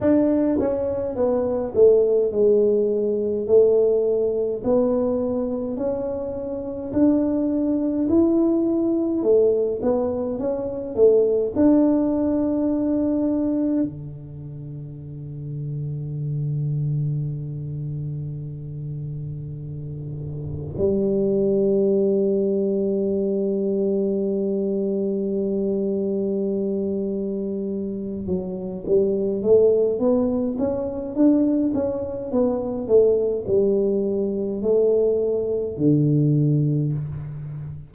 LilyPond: \new Staff \with { instrumentName = "tuba" } { \time 4/4 \tempo 4 = 52 d'8 cis'8 b8 a8 gis4 a4 | b4 cis'4 d'4 e'4 | a8 b8 cis'8 a8 d'2 | d1~ |
d2 g2~ | g1~ | g8 fis8 g8 a8 b8 cis'8 d'8 cis'8 | b8 a8 g4 a4 d4 | }